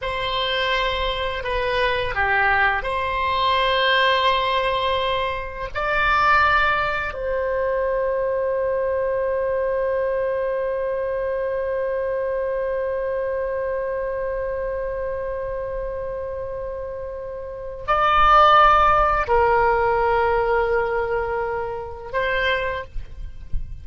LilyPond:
\new Staff \with { instrumentName = "oboe" } { \time 4/4 \tempo 4 = 84 c''2 b'4 g'4 | c''1 | d''2 c''2~ | c''1~ |
c''1~ | c''1~ | c''4 d''2 ais'4~ | ais'2. c''4 | }